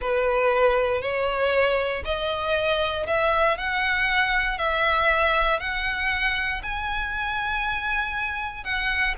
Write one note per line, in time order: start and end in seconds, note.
0.01 1.01 B4
1.01 2.03 C#5
2.04 3.06 D#5
3.06 3.57 E5
3.57 4.58 F#5
4.58 5.59 E5
5.59 6.61 F#5
6.62 8.63 G#5
8.63 9.14 F#5